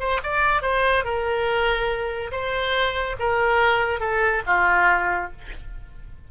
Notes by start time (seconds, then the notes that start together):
0.00 C5
0.23 D5
0.62 C5
1.05 A#4
2.32 C5
3.20 A#4
4.00 A4
4.47 F4